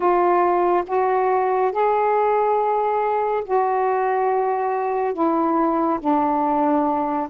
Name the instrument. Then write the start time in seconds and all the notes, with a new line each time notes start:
saxophone
0.00 F4
0.86 F#4
1.72 G#4
3.44 F#4
5.13 E4
5.99 D4